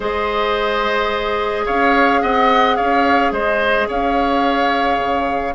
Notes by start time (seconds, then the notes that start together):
0.00 G#3 G#4 C5 D#5
1.65 C#4 C#5 F5
2.21 C4 D#5 F#5
2.76 C#4 C#5 F5
3.31 G#3 C5 D#5
3.87 C#4 C#5 F5
4.98 C#3